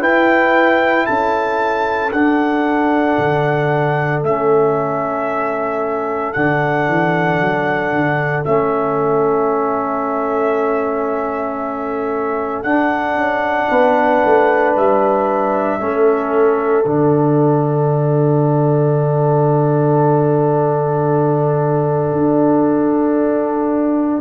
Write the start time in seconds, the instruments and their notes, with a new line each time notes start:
0.00 trombone E4, tuba E4, horn B4, trumpet G5
1.07 tuba C#4, horn A4, trumpet A5
2.12 tuba D4, trombone D4, trumpet F#5
3.19 tuba D3
4.23 tuba A3, trombone C#4, trumpet E5
6.33 tuba D3, trombone D4, trumpet F#5
6.88 tuba E3
7.41 tuba F#3
7.91 tuba D3
8.45 tuba A3, trombone C#4, trumpet E5
12.64 tuba D4, trombone D4, trumpet F#5
13.15 tuba C#4
13.70 tuba B3, horn B4
14.25 tuba A3
14.77 tuba G3, trumpet E5
15.80 tuba A3, trombone C#4, horn A4
16.85 tuba D3, trombone D4, trumpet F#5
22.12 tuba D4